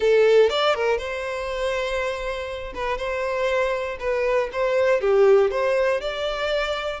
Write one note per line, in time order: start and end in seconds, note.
0.00 0.49 A4
0.49 0.74 D5
0.74 0.98 A#4
0.98 2.73 C5
2.74 2.97 B4
2.97 3.97 C5
3.99 4.49 B4
4.52 5.00 C5
5.00 5.50 G4
5.50 6.00 C5
6.00 7.00 D5